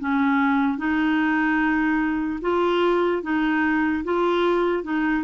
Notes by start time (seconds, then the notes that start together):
0.00 C#4
0.78 D#4
2.41 F4
3.22 D#4
4.04 F4
4.84 D#4